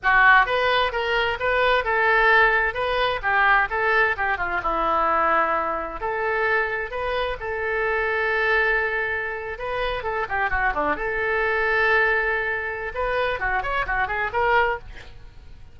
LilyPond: \new Staff \with { instrumentName = "oboe" } { \time 4/4 \tempo 4 = 130 fis'4 b'4 ais'4 b'4 | a'2 b'4 g'4 | a'4 g'8 f'8 e'2~ | e'4 a'2 b'4 |
a'1~ | a'8. b'4 a'8 g'8 fis'8 d'8 a'16~ | a'1 | b'4 fis'8 cis''8 fis'8 gis'8 ais'4 | }